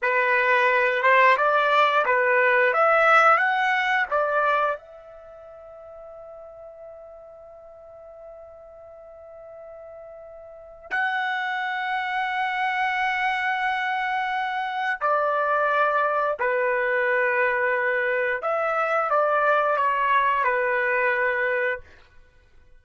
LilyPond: \new Staff \with { instrumentName = "trumpet" } { \time 4/4 \tempo 4 = 88 b'4. c''8 d''4 b'4 | e''4 fis''4 d''4 e''4~ | e''1~ | e''1 |
fis''1~ | fis''2 d''2 | b'2. e''4 | d''4 cis''4 b'2 | }